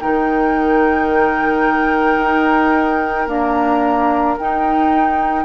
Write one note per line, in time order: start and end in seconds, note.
0.00 2.18 D#3
0.00 3.27 D#4
0.00 5.45 A#4
0.00 3.27 G5
2.18 3.27 D#4
3.27 4.36 A#3
3.27 4.37 D4
3.27 4.37 A#5
4.38 5.45 D#4
4.38 5.45 G5